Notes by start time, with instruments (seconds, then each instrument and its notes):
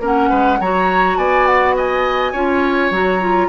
0.00 bassoon A#3, clarinet C#4, oboe A#4, flute F#5
0.29 bassoon G#3, oboe B4
0.60 bassoon F#3, clarinet F#4, oboe C#5, flute A#5
1.17 bassoon B3, oboe D5, flute G#5
1.46 flute F#5
1.76 oboe D#5, flute G#5
2.32 bassoon C#4, clarinet F4, oboe C#5
2.91 bassoon F#3, clarinet F#4, flute A#5
3.21 clarinet F4